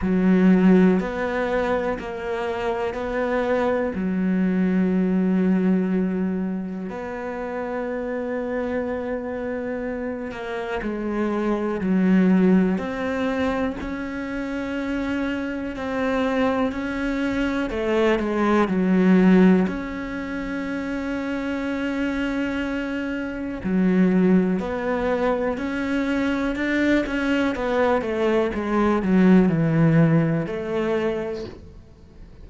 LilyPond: \new Staff \with { instrumentName = "cello" } { \time 4/4 \tempo 4 = 61 fis4 b4 ais4 b4 | fis2. b4~ | b2~ b8 ais8 gis4 | fis4 c'4 cis'2 |
c'4 cis'4 a8 gis8 fis4 | cis'1 | fis4 b4 cis'4 d'8 cis'8 | b8 a8 gis8 fis8 e4 a4 | }